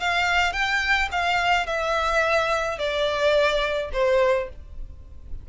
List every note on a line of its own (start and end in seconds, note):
0.00 0.53 F5
0.53 1.09 G5
1.12 1.66 F5
1.66 2.78 E5
2.78 3.90 D5
3.93 4.49 C5